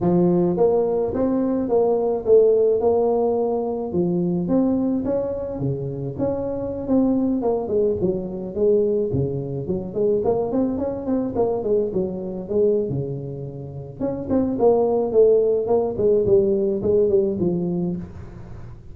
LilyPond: \new Staff \with { instrumentName = "tuba" } { \time 4/4 \tempo 4 = 107 f4 ais4 c'4 ais4 | a4 ais2 f4 | c'4 cis'4 cis4 cis'4~ | cis'16 c'4 ais8 gis8 fis4 gis8.~ |
gis16 cis4 fis8 gis8 ais8 c'8 cis'8 c'16~ | c'16 ais8 gis8 fis4 gis8. cis4~ | cis4 cis'8 c'8 ais4 a4 | ais8 gis8 g4 gis8 g8 f4 | }